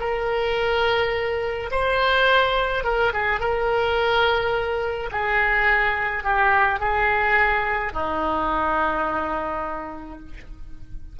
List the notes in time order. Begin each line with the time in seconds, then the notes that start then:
0.00 A#4
1.71 C5
2.84 A#4
3.13 G#4
3.40 A#4
5.11 G#4
6.24 G4
6.79 G#4
7.92 D#4